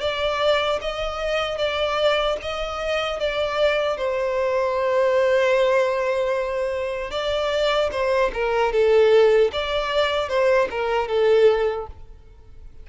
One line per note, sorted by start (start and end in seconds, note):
0.00 0.79 D5
0.81 1.58 D#5
1.58 2.36 D5
2.42 3.19 D#5
3.19 3.97 D5
3.97 7.11 C5
7.11 7.89 D5
7.91 8.31 C5
8.33 8.72 A#4
8.72 9.51 A4
9.52 10.28 D5
10.28 10.68 C5
10.70 11.07 A#4
11.07 11.86 A4